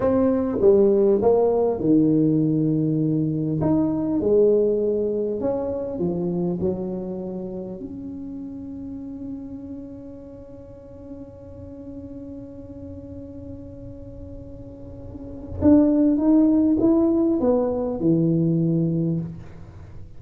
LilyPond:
\new Staff \with { instrumentName = "tuba" } { \time 4/4 \tempo 4 = 100 c'4 g4 ais4 dis4~ | dis2 dis'4 gis4~ | gis4 cis'4 f4 fis4~ | fis4 cis'2.~ |
cis'1~ | cis'1~ | cis'2 d'4 dis'4 | e'4 b4 e2 | }